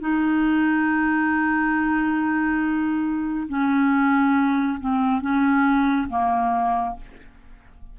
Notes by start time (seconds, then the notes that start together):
0.00 D#4
3.49 C#4
4.80 C4
5.21 C#4
6.09 A#3